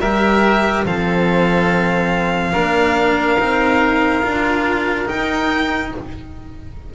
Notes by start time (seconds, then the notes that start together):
0.00 G3 G4 A#4 E5
0.86 F3 C4 A4 F5
2.53 A#3 D4 A#4
3.39 C4 D#4
4.23 D4 F4
5.06 D#4 G5